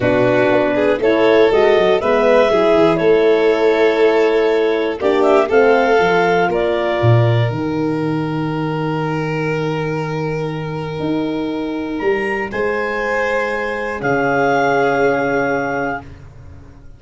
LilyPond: <<
  \new Staff \with { instrumentName = "clarinet" } { \time 4/4 \tempo 4 = 120 b'2 cis''4 dis''4 | e''2 cis''2~ | cis''2 d''8 e''8 f''4~ | f''4 d''2 g''4~ |
g''1~ | g''1 | ais''4 gis''2. | f''1 | }
  \new Staff \with { instrumentName = "violin" } { \time 4/4 fis'4. gis'8 a'2 | b'4 gis'4 a'2~ | a'2 g'4 a'4~ | a'4 ais'2.~ |
ais'1~ | ais'1~ | ais'4 c''2. | gis'1 | }
  \new Staff \with { instrumentName = "horn" } { \time 4/4 d'2 e'4 fis'4 | b4 e'2.~ | e'2 d'4 c'4 | f'2. dis'4~ |
dis'1~ | dis'1~ | dis'1 | cis'1 | }
  \new Staff \with { instrumentName = "tuba" } { \time 4/4 b,4 b4 a4 gis8 fis8 | gis4 fis8 e8 a2~ | a2 ais4 a4 | f4 ais4 ais,4 dis4~ |
dis1~ | dis2 dis'2 | g4 gis2. | cis1 | }
>>